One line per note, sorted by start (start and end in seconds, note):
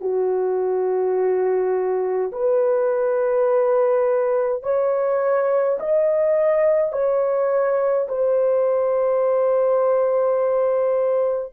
0.00 2.31 F#4
2.32 4.63 B4
4.63 5.78 C#5
5.79 6.92 D#5
6.92 8.07 C#5
8.08 11.53 C5